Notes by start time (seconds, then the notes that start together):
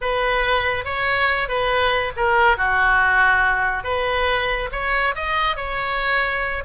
0.01 B4
0.85 C#5
1.48 B4
2.16 A#4
2.57 F#4
3.83 B4
4.72 C#5
5.15 D#5
5.56 C#5